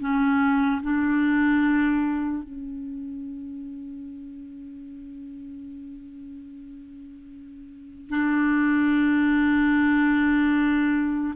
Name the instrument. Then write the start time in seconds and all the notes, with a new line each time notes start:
clarinet
0.00 C#4
0.82 D4
2.43 C#4
8.10 D4